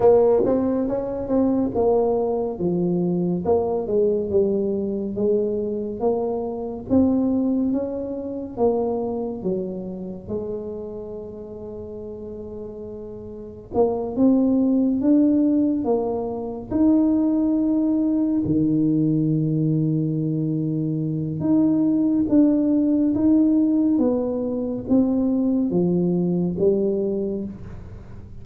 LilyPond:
\new Staff \with { instrumentName = "tuba" } { \time 4/4 \tempo 4 = 70 ais8 c'8 cis'8 c'8 ais4 f4 | ais8 gis8 g4 gis4 ais4 | c'4 cis'4 ais4 fis4 | gis1 |
ais8 c'4 d'4 ais4 dis'8~ | dis'4. dis2~ dis8~ | dis4 dis'4 d'4 dis'4 | b4 c'4 f4 g4 | }